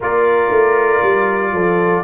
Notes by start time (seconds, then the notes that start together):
0.00 A#3 F4 A#4 D5
0.50 A3
1.03 G3
1.53 F3 A4